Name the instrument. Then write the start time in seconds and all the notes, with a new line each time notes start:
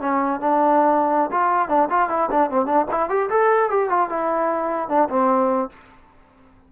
trombone
0.00 C#4
0.40 D4
1.31 F4
1.68 D4
1.90 F4
2.09 E4
2.30 D4
2.50 C4
2.66 D4
2.91 E4
3.09 G4
3.30 A4
3.69 G4
3.89 F4
4.09 E4
4.88 D4
5.09 C4